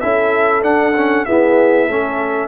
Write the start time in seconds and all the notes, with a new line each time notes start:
0.00 C#4 E4 A4 E5
0.61 D4 F#5
0.96 C#4
1.25 B3 E4 G#4 E5
1.87 A3 C#4 A4